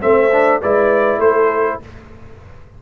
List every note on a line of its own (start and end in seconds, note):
0.00 0.62 A3
0.00 0.30 C4
0.00 0.61 C5
0.00 0.61 E5
0.31 0.61 D4
0.61 1.18 G#3
0.61 1.81 E4
0.61 1.19 B4
0.61 1.20 D5
1.18 1.77 A3
1.18 1.79 A4
1.18 1.79 C5